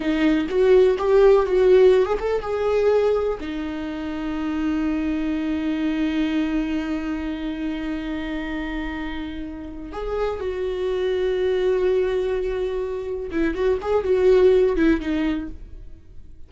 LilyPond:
\new Staff \with { instrumentName = "viola" } { \time 4/4 \tempo 4 = 124 dis'4 fis'4 g'4 fis'4~ | fis'16 gis'16 a'8 gis'2 dis'4~ | dis'1~ | dis'1~ |
dis'1~ | dis'8 gis'4 fis'2~ fis'8~ | fis'2.~ fis'8 e'8 | fis'8 gis'8 fis'4. e'8 dis'4 | }